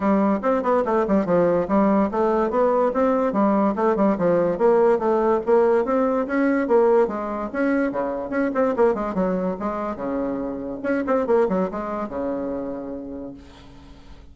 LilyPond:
\new Staff \with { instrumentName = "bassoon" } { \time 4/4 \tempo 4 = 144 g4 c'8 b8 a8 g8 f4 | g4 a4 b4 c'4 | g4 a8 g8 f4 ais4 | a4 ais4 c'4 cis'4 |
ais4 gis4 cis'4 cis4 | cis'8 c'8 ais8 gis8 fis4 gis4 | cis2 cis'8 c'8 ais8 fis8 | gis4 cis2. | }